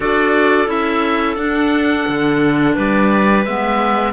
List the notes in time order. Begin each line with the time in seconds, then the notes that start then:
0.00 D4 F#4 A4 D5
0.67 C#4 E4 E5
1.36 D4 F#5
2.07 D3
2.74 G3 B4 D5
3.44 G#3 B3 E5